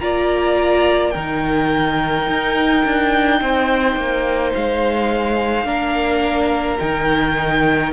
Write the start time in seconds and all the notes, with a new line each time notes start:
0.00 A#3 F4 D5 A#5
1.11 D#3 D#4 A#4 G5
2.28 D#4
2.85 D4
3.41 C4 C5
3.96 A#3
4.54 G#3 F5
5.65 A#3 D4 A#4
6.80 D#3 D#4 G5